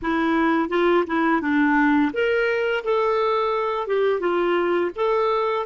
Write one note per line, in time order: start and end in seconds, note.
0.02 0.69 E4
0.69 1.04 F4
1.06 1.41 E4
1.41 2.11 D4
2.13 2.83 A#4
2.84 3.87 A4
3.87 4.20 G4
4.20 4.90 F4
4.95 5.66 A4